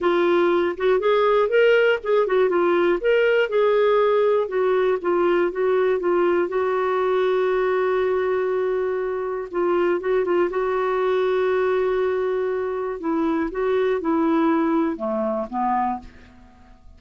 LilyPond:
\new Staff \with { instrumentName = "clarinet" } { \time 4/4 \tempo 4 = 120 f'4. fis'8 gis'4 ais'4 | gis'8 fis'8 f'4 ais'4 gis'4~ | gis'4 fis'4 f'4 fis'4 | f'4 fis'2.~ |
fis'2. f'4 | fis'8 f'8 fis'2.~ | fis'2 e'4 fis'4 | e'2 a4 b4 | }